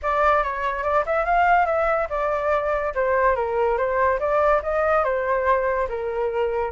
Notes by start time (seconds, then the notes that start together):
0.02 D5
0.43 C#5
0.83 D5
1.06 E5
1.25 F5
1.66 E5
2.09 D5
2.94 C5
3.35 A#4
3.77 C5
4.19 D5
4.62 D#5
5.04 C5
5.88 A#4